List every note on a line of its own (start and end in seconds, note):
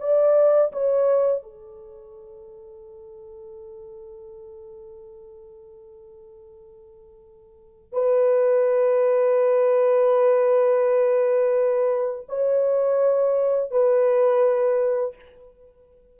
0.00 0.72 D5
0.73 1.43 C#5
1.43 7.93 A4
7.93 12.27 B4
12.29 13.72 C#5
13.72 15.16 B4